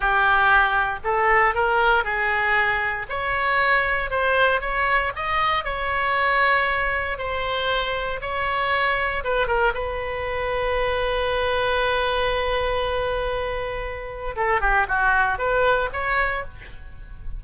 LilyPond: \new Staff \with { instrumentName = "oboe" } { \time 4/4 \tempo 4 = 117 g'2 a'4 ais'4 | gis'2 cis''2 | c''4 cis''4 dis''4 cis''4~ | cis''2 c''2 |
cis''2 b'8 ais'8 b'4~ | b'1~ | b'1 | a'8 g'8 fis'4 b'4 cis''4 | }